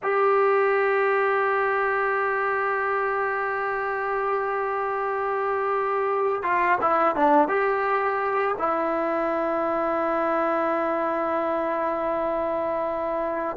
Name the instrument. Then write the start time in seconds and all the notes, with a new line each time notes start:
trombone
0.03 G4
6.42 F4
6.81 E4
7.15 D4
7.48 G4
8.58 E4